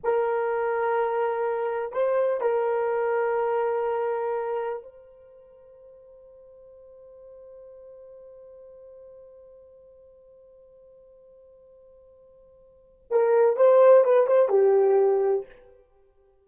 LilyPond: \new Staff \with { instrumentName = "horn" } { \time 4/4 \tempo 4 = 124 ais'1 | c''4 ais'2.~ | ais'2 c''2~ | c''1~ |
c''1~ | c''1~ | c''2. ais'4 | c''4 b'8 c''8 g'2 | }